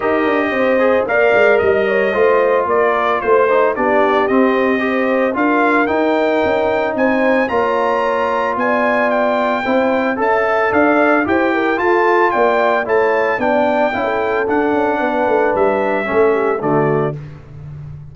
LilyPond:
<<
  \new Staff \with { instrumentName = "trumpet" } { \time 4/4 \tempo 4 = 112 dis''2 f''4 dis''4~ | dis''4 d''4 c''4 d''4 | dis''2 f''4 g''4~ | g''4 gis''4 ais''2 |
gis''4 g''2 a''4 | f''4 g''4 a''4 g''4 | a''4 g''2 fis''4~ | fis''4 e''2 d''4 | }
  \new Staff \with { instrumentName = "horn" } { \time 4/4 ais'4 c''4 d''4 dis''8 cis''8 | c''4 ais'4 c''4 g'4~ | g'4 c''4 ais'2~ | ais'4 c''4 cis''2 |
d''2 c''4 e''4 | d''4 c''8 ais'8 a'4 d''4 | cis''4 d''4 f''16 a'4.~ a'16 | b'2 a'8 g'8 fis'4 | }
  \new Staff \with { instrumentName = "trombone" } { \time 4/4 g'4. gis'8 ais'2 | f'2~ f'8 dis'8 d'4 | c'4 g'4 f'4 dis'4~ | dis'2 f'2~ |
f'2 e'4 a'4~ | a'4 g'4 f'2 | e'4 d'4 e'4 d'4~ | d'2 cis'4 a4 | }
  \new Staff \with { instrumentName = "tuba" } { \time 4/4 dis'8 d'8 c'4 ais8 gis8 g4 | a4 ais4 a4 b4 | c'2 d'4 dis'4 | cis'4 c'4 ais2 |
b2 c'4 cis'4 | d'4 e'4 f'4 ais4 | a4 b4 cis'4 d'8 cis'8 | b8 a8 g4 a4 d4 | }
>>